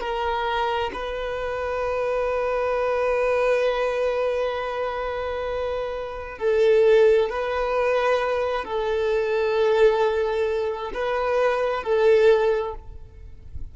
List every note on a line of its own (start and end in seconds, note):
0.00 0.91 A#4
0.93 6.38 B4
6.38 7.29 A4
7.29 8.64 B4
8.64 10.92 A4
10.94 11.83 B4
11.83 12.74 A4